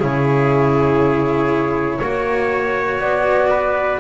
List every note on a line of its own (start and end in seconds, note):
0.00 2.00 C#3
0.00 2.01 E4
0.00 1.99 G#4
0.00 3.00 C#5
1.99 3.00 A#3
1.99 4.01 F#4
1.99 3.49 C#5
3.00 4.00 B3
3.00 4.00 D5
3.50 4.00 B4